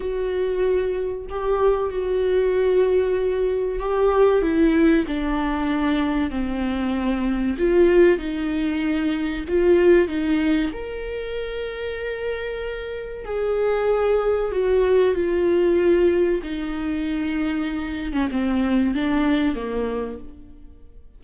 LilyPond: \new Staff \with { instrumentName = "viola" } { \time 4/4 \tempo 4 = 95 fis'2 g'4 fis'4~ | fis'2 g'4 e'4 | d'2 c'2 | f'4 dis'2 f'4 |
dis'4 ais'2.~ | ais'4 gis'2 fis'4 | f'2 dis'2~ | dis'8. cis'16 c'4 d'4 ais4 | }